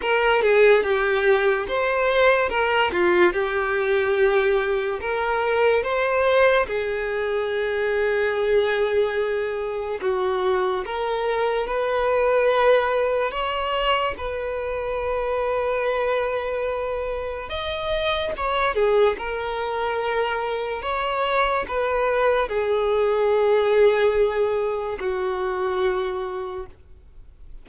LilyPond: \new Staff \with { instrumentName = "violin" } { \time 4/4 \tempo 4 = 72 ais'8 gis'8 g'4 c''4 ais'8 f'8 | g'2 ais'4 c''4 | gis'1 | fis'4 ais'4 b'2 |
cis''4 b'2.~ | b'4 dis''4 cis''8 gis'8 ais'4~ | ais'4 cis''4 b'4 gis'4~ | gis'2 fis'2 | }